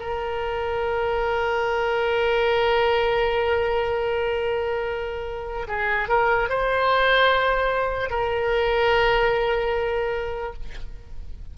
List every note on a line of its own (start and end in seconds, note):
0.00 5.68 A#4
5.68 6.09 G#4
6.09 6.50 A#4
6.50 8.10 C5
8.10 10.54 A#4